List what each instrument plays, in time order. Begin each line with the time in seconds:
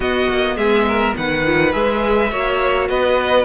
0.00 cello B3, viola B3, violin F#4 D#5
0.29 cello A#3
0.56 cello G#3, violin G#4 E5
0.88 violin A#4
1.16 cello D#3, violin B4 F#5
1.45 viola F3
1.72 cello G#3, viola G#4, violin E5
2.31 cello A#3, viola F#4, violin C#5
2.89 cello B3, violin B4 D#5